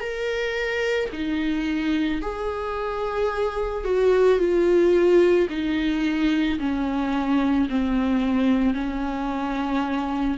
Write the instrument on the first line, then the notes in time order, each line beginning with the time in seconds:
viola
0.00 A#4
1.12 D#4
2.22 G#4
3.85 F#4
4.39 F4
5.49 D#4
6.60 C#4
7.69 C4
8.74 C#4